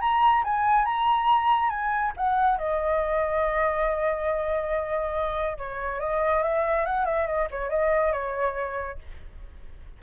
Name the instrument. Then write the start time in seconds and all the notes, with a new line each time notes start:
flute
0.00 A#5
0.43 G#5
0.85 A#5
1.69 G#5
2.16 F#5
2.58 D#5
5.57 C#5
6.00 D#5
6.42 E5
6.85 F#5
7.05 E5
7.26 D#5
7.51 C#5
7.69 D#5
8.12 C#5